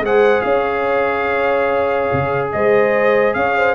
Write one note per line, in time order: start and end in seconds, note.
0.00 0.41 G#3
0.00 3.75 G#4
0.00 0.45 C5
0.00 0.42 F#5
0.42 2.10 C#4
0.42 2.51 C#5
0.42 2.48 F5
2.13 2.54 C#3
2.53 3.35 G#3
2.53 3.37 C5
2.53 3.34 D#5
3.34 3.75 C#4
3.34 3.57 C#5
3.34 3.75 F5
3.57 3.75 C5